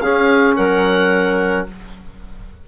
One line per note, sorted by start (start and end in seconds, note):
0.00 0.56 C#4
0.00 1.68 C#4
0.00 0.56 G#4
0.00 0.55 F5
0.56 1.68 F#3
0.56 1.66 A#4
0.56 1.66 F#5